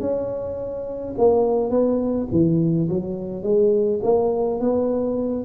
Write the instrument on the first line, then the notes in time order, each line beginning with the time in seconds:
tuba
0.00 C#4
1.17 A#3
1.70 B3
2.31 E3
2.89 F#3
3.43 G#3
4.03 A#3
4.60 B3